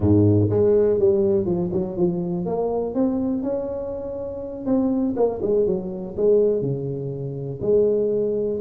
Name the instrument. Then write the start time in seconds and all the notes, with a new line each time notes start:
tuba
0.00 G#2
0.50 G#3
0.99 G3
1.45 F3
1.72 F#3
1.96 F3
2.45 A#3
2.94 C4
3.42 C#4
4.65 C4
5.16 A#3
5.42 G#3
5.66 F#3
6.16 G#3
6.61 C#3
7.61 G#3